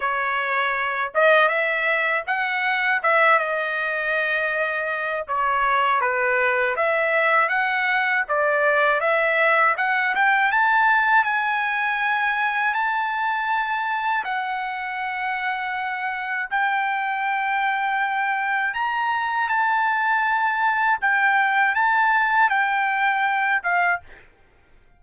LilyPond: \new Staff \with { instrumentName = "trumpet" } { \time 4/4 \tempo 4 = 80 cis''4. dis''8 e''4 fis''4 | e''8 dis''2~ dis''8 cis''4 | b'4 e''4 fis''4 d''4 | e''4 fis''8 g''8 a''4 gis''4~ |
gis''4 a''2 fis''4~ | fis''2 g''2~ | g''4 ais''4 a''2 | g''4 a''4 g''4. f''8 | }